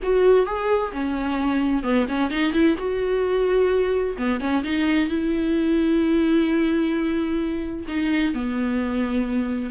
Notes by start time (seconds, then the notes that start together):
0.02 F#4
0.46 G#4
0.92 C#4
1.83 B3
2.08 C#4
2.30 D#4
2.52 E4
2.78 F#4
4.17 B3
4.40 C#4
4.63 D#4
5.09 E4
7.88 D#4
8.33 B3